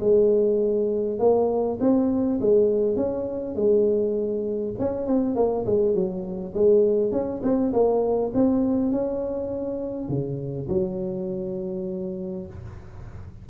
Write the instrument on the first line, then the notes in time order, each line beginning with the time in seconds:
tuba
0.00 G#3
1.19 A#3
1.80 C4
2.41 G#3
2.96 C#4
3.55 G#3
4.79 C#4
5.07 C4
5.35 A#3
5.66 G#3
5.94 F#3
6.54 G#3
7.12 C#4
7.43 C4
7.73 A#3
8.34 C4
8.92 C#4
10.09 C#3
10.68 F#3